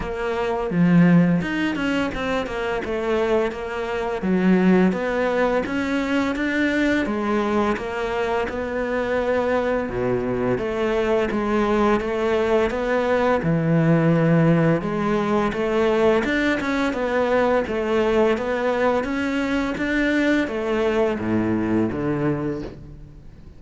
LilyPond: \new Staff \with { instrumentName = "cello" } { \time 4/4 \tempo 4 = 85 ais4 f4 dis'8 cis'8 c'8 ais8 | a4 ais4 fis4 b4 | cis'4 d'4 gis4 ais4 | b2 b,4 a4 |
gis4 a4 b4 e4~ | e4 gis4 a4 d'8 cis'8 | b4 a4 b4 cis'4 | d'4 a4 a,4 d4 | }